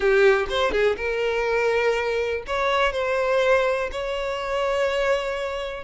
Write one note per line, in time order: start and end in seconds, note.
0.00 0.46 G4
0.49 0.71 C5
0.71 0.95 G#4
0.96 2.43 A#4
2.46 2.92 C#5
2.92 3.89 C5
3.91 5.83 C#5